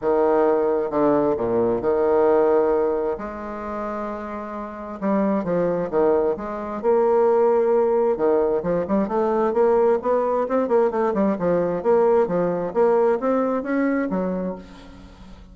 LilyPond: \new Staff \with { instrumentName = "bassoon" } { \time 4/4 \tempo 4 = 132 dis2 d4 ais,4 | dis2. gis4~ | gis2. g4 | f4 dis4 gis4 ais4~ |
ais2 dis4 f8 g8 | a4 ais4 b4 c'8 ais8 | a8 g8 f4 ais4 f4 | ais4 c'4 cis'4 fis4 | }